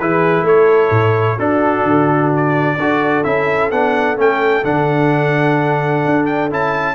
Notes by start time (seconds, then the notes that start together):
0.00 E3 E4 G#4 B4
0.43 A3 A4 C#5
0.91 A2
1.38 D4 F#4 A4
1.84 D3
2.37 D5
2.78 D4 F#4 A4
3.24 C#4 E4 E5
3.71 B3 D4 F#5
4.17 A3 C#4 G5
4.64 D3 D4 F#5
6.06 D4
6.26 G5
6.51 C#4 E4 A5